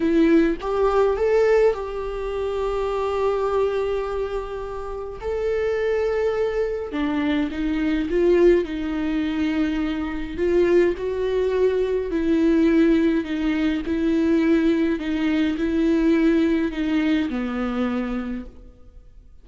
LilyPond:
\new Staff \with { instrumentName = "viola" } { \time 4/4 \tempo 4 = 104 e'4 g'4 a'4 g'4~ | g'1~ | g'4 a'2. | d'4 dis'4 f'4 dis'4~ |
dis'2 f'4 fis'4~ | fis'4 e'2 dis'4 | e'2 dis'4 e'4~ | e'4 dis'4 b2 | }